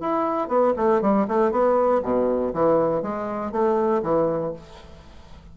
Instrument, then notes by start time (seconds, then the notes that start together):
bassoon
0.00 E4
0.48 B3
0.76 A3
1.02 G3
1.28 A3
1.51 B3
2.02 B2
2.53 E3
3.02 G#3
3.52 A3
4.02 E3